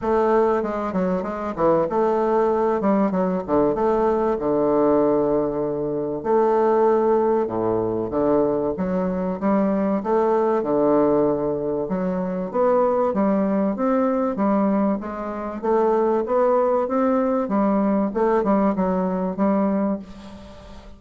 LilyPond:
\new Staff \with { instrumentName = "bassoon" } { \time 4/4 \tempo 4 = 96 a4 gis8 fis8 gis8 e8 a4~ | a8 g8 fis8 d8 a4 d4~ | d2 a2 | a,4 d4 fis4 g4 |
a4 d2 fis4 | b4 g4 c'4 g4 | gis4 a4 b4 c'4 | g4 a8 g8 fis4 g4 | }